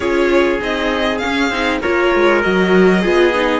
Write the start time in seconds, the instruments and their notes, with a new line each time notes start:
0.00 cello C#4, viola F4, trumpet G#4, violin C#5
0.58 cello C4, viola D#4, violin D#5
1.18 viola C#4, violin F5
1.25 cello C#4
1.49 cello C4, viola D#4
1.81 cello A#3, viola F4, trumpet A#4, violin C#5
2.15 cello G#3
2.41 cello F#3, viola F#4, violin D#5
3.01 cello B3, viola F4, trumpet G#4
3.33 viola D#4